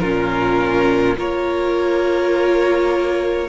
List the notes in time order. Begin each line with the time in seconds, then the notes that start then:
0.00 A#2 C#4 F4 A#4
1.17 A#3 F4 A#4 C#5